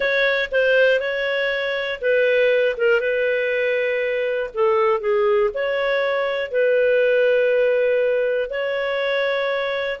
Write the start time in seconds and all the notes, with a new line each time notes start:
0.00 C#5
0.51 C5
1.00 C#5
2.01 B4
2.77 A#4
3.00 B4
4.53 A4
5.00 G#4
5.53 C#5
6.51 B4
8.50 C#5